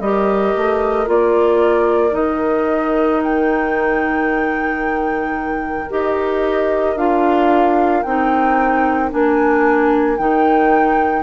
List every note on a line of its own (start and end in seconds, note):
0.00 0.54 G3
0.00 1.06 G4
0.00 11.23 A#4
0.00 1.08 D#5
0.56 1.08 A3
1.06 2.13 A#3
1.06 2.10 F4
1.06 2.15 D5
2.10 5.88 D#3
2.10 5.85 D#4
2.10 3.22 D#5
3.23 5.91 G5
5.90 6.96 D#4
5.90 6.97 G4
5.90 6.98 D#5
6.96 8.03 D4
6.96 8.04 F4
6.96 8.03 F5
8.03 9.12 C4
8.03 9.10 D#4
8.03 9.10 G5
9.10 10.19 A#3
9.10 10.18 D4
9.10 10.17 G#5
10.17 11.23 D#3
10.17 11.23 D#4
10.17 11.23 G5